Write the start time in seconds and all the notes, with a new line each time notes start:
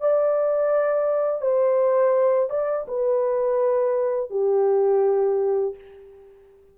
0.00 D5
1.41 C5
2.50 D5
2.88 B4
4.30 G4